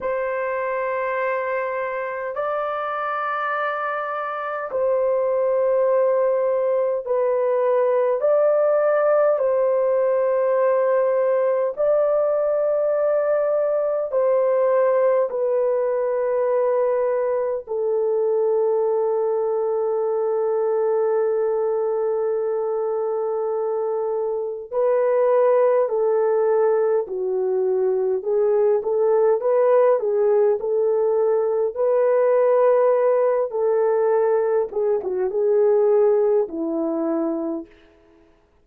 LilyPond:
\new Staff \with { instrumentName = "horn" } { \time 4/4 \tempo 4 = 51 c''2 d''2 | c''2 b'4 d''4 | c''2 d''2 | c''4 b'2 a'4~ |
a'1~ | a'4 b'4 a'4 fis'4 | gis'8 a'8 b'8 gis'8 a'4 b'4~ | b'8 a'4 gis'16 fis'16 gis'4 e'4 | }